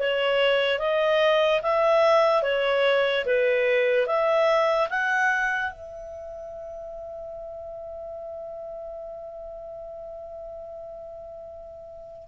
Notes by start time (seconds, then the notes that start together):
0.00 C#5
0.80 D#5
1.63 E5
2.43 C#5
3.27 B4
4.07 E5
4.90 F#5
5.72 E5